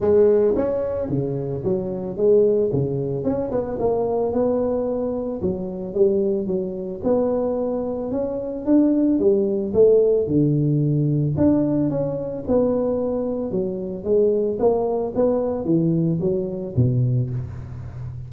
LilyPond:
\new Staff \with { instrumentName = "tuba" } { \time 4/4 \tempo 4 = 111 gis4 cis'4 cis4 fis4 | gis4 cis4 cis'8 b8 ais4 | b2 fis4 g4 | fis4 b2 cis'4 |
d'4 g4 a4 d4~ | d4 d'4 cis'4 b4~ | b4 fis4 gis4 ais4 | b4 e4 fis4 b,4 | }